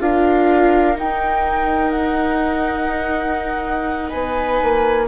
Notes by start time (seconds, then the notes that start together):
0.00 D4 F4 A#4 F5
0.95 D#4 G5
1.91 F#5
4.10 B3 B4 G#5
4.63 A#3